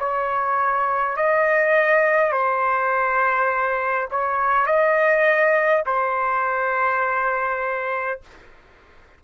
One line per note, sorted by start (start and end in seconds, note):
0.00 1.17 C#5
1.17 2.33 D#5
2.33 4.09 C5
4.11 4.66 C#5
4.66 5.84 D#5
5.86 8.21 C5